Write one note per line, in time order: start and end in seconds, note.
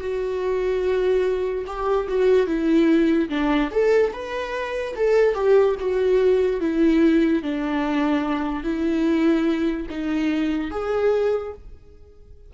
0.00 1.64 F#4
1.66 2.07 G4
2.08 2.46 F#4
2.46 3.28 E4
3.29 3.70 D4
3.71 4.12 A4
4.12 4.95 B4
4.96 5.34 A4
5.34 5.75 G4
5.79 6.60 F#4
6.60 7.42 E4
7.43 8.63 D4
8.63 9.87 E4
9.89 10.70 D#4
10.70 11.53 G#4